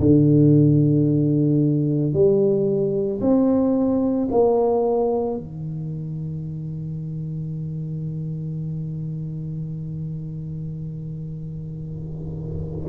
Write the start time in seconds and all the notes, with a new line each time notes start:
0.00 D3
2.13 G3
3.21 C4
4.31 A#3
5.37 D#3